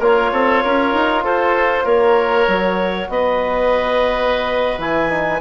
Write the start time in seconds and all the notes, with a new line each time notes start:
0.00 A#3 F4 A#4 C#5
0.32 C4 A4
0.64 C#4 A#4
0.94 D#4
1.24 F4 A4 C5
1.84 A#3 A#4 C#5
2.48 F#3 F#4
3.09 B3 B4 D#5
4.78 E3 E4 G#5
5.09 D#4